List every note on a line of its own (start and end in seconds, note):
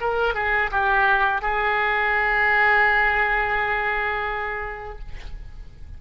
0.00 0.34 A#4
0.34 0.70 G#4
0.71 1.41 G4
1.41 4.98 G#4